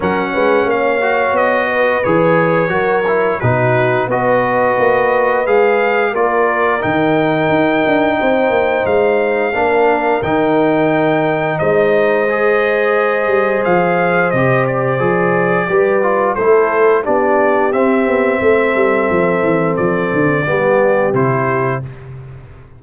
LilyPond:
<<
  \new Staff \with { instrumentName = "trumpet" } { \time 4/4 \tempo 4 = 88 fis''4 f''4 dis''4 cis''4~ | cis''4 b'4 dis''2 | f''4 d''4 g''2~ | g''4 f''2 g''4~ |
g''4 dis''2. | f''4 dis''8 d''2~ d''8 | c''4 d''4 e''2~ | e''4 d''2 c''4 | }
  \new Staff \with { instrumentName = "horn" } { \time 4/4 ais'8 b'8 cis''4. b'4. | ais'4 fis'4 b'2~ | b'4 ais'2. | c''2 ais'2~ |
ais'4 c''2.~ | c''2. b'4 | a'4 g'2 a'4~ | a'2 g'2 | }
  \new Staff \with { instrumentName = "trombone" } { \time 4/4 cis'4. fis'4. gis'4 | fis'8 e'8 dis'4 fis'2 | gis'4 f'4 dis'2~ | dis'2 d'4 dis'4~ |
dis'2 gis'2~ | gis'4 g'4 gis'4 g'8 f'8 | e'4 d'4 c'2~ | c'2 b4 e'4 | }
  \new Staff \with { instrumentName = "tuba" } { \time 4/4 fis8 gis8 ais4 b4 e4 | fis4 b,4 b4 ais4 | gis4 ais4 dis4 dis'8 d'8 | c'8 ais8 gis4 ais4 dis4~ |
dis4 gis2~ gis8 g8 | f4 c4 f4 g4 | a4 b4 c'8 b8 a8 g8 | f8 e8 f8 d8 g4 c4 | }
>>